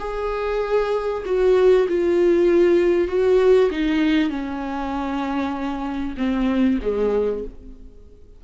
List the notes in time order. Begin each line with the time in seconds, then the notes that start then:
0.00 G#4
1.26 F#4
1.88 F4
3.08 F#4
3.71 D#4
4.30 C#4
6.17 C4
6.82 G#3